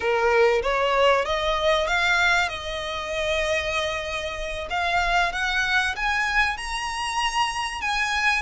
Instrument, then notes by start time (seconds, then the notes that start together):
violin
0.00 A#4
0.62 C#5
1.25 D#5
1.87 F5
2.48 D#5
4.70 F5
5.32 F#5
5.95 G#5
6.57 A#5
7.81 G#5